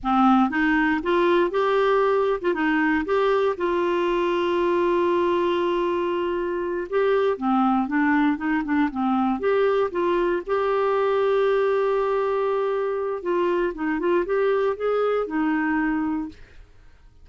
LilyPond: \new Staff \with { instrumentName = "clarinet" } { \time 4/4 \tempo 4 = 118 c'4 dis'4 f'4 g'4~ | g'8. f'16 dis'4 g'4 f'4~ | f'1~ | f'4. g'4 c'4 d'8~ |
d'8 dis'8 d'8 c'4 g'4 f'8~ | f'8 g'2.~ g'8~ | g'2 f'4 dis'8 f'8 | g'4 gis'4 dis'2 | }